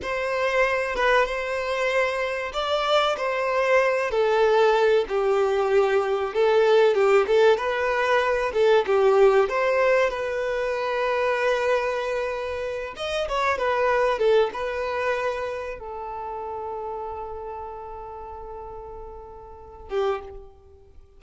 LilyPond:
\new Staff \with { instrumentName = "violin" } { \time 4/4 \tempo 4 = 95 c''4. b'8 c''2 | d''4 c''4. a'4. | g'2 a'4 g'8 a'8 | b'4. a'8 g'4 c''4 |
b'1~ | b'8 dis''8 cis''8 b'4 a'8 b'4~ | b'4 a'2.~ | a'2.~ a'8 g'8 | }